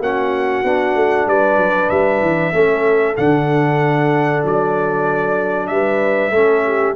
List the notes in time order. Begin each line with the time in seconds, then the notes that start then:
0.00 A#3 C#4 F#4 F#5
0.64 B3 D4
0.95 A3
1.27 G3 B4 D5
1.57 F#3
1.90 G3 E5
2.21 E3
2.54 A3 C#4 A4
3.16 D3 D4 F#5
4.45 F#3 D5
5.67 G3 B4 E5
6.30 A3 C#4 A4
6.65 G4